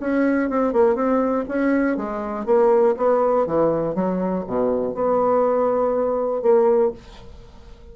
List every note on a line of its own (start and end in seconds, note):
0.00 0.50 C#4
0.50 0.73 C4
0.73 0.95 A#3
0.95 1.45 C4
1.49 1.97 C#4
1.97 2.46 G#3
2.46 2.95 A#3
2.97 3.47 B3
3.47 3.95 E3
3.95 4.44 F#3
4.47 4.95 B2
4.95 6.42 B3
6.42 6.92 A#3